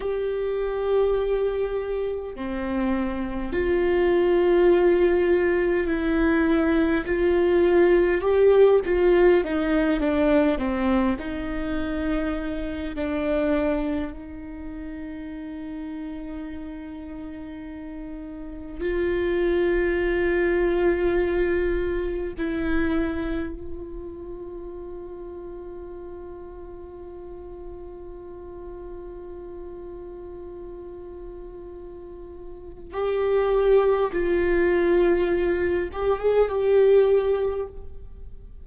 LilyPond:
\new Staff \with { instrumentName = "viola" } { \time 4/4 \tempo 4 = 51 g'2 c'4 f'4~ | f'4 e'4 f'4 g'8 f'8 | dis'8 d'8 c'8 dis'4. d'4 | dis'1 |
f'2. e'4 | f'1~ | f'1 | g'4 f'4. g'16 gis'16 g'4 | }